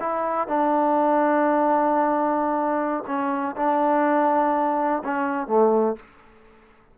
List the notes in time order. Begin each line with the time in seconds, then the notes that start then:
0.00 E4
0.48 D4
3.07 C#4
3.57 D4
5.04 C#4
5.47 A3